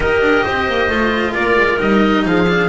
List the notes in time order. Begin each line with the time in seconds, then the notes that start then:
0.00 D#4 G4 A#4 D#5
0.21 D4
0.44 C4 C5
0.67 A#3
0.89 A3 F4
1.34 A#3 A#4 D5
1.56 G#3
1.77 G3 D#4 D#5
2.25 F3 G#4 F5
2.48 D4